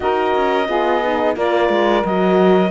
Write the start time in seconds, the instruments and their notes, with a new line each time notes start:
0.00 cello D#4, horn F#4, saxophone A#4, clarinet D#5
0.35 cello C#4
0.67 cello B3, horn F4, saxophone G#4
1.03 horn D#4
1.36 cello A#3, horn F4, saxophone A#4, clarinet D5
1.69 cello G#3
2.04 cello F#3, horn F#4, clarinet D#5